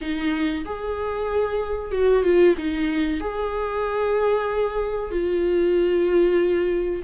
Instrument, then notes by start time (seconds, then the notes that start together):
viola
0.01 D#4
0.65 G#4
1.91 F#4
2.23 F4
2.57 D#4
3.20 G#4
5.11 F4